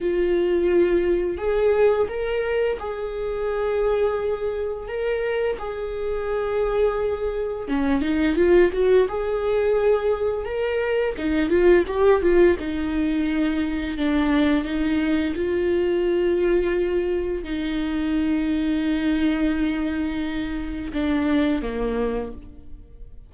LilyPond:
\new Staff \with { instrumentName = "viola" } { \time 4/4 \tempo 4 = 86 f'2 gis'4 ais'4 | gis'2. ais'4 | gis'2. cis'8 dis'8 | f'8 fis'8 gis'2 ais'4 |
dis'8 f'8 g'8 f'8 dis'2 | d'4 dis'4 f'2~ | f'4 dis'2.~ | dis'2 d'4 ais4 | }